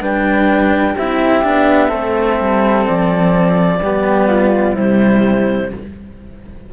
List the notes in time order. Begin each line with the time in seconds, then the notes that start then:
0.00 G3 D4 B4 G5
0.94 C4 E4 G4 E5
1.43 B3 D4
1.88 A3 C4 A4
2.40 G3
2.86 F3 D5
3.81 G3 B3 G4
4.27 F4
4.75 C3 G3 E4 C5